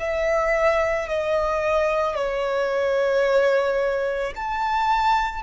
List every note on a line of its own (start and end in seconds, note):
0.00 1.09 E5
1.09 2.16 D#5
2.16 4.34 C#5
4.36 5.43 A5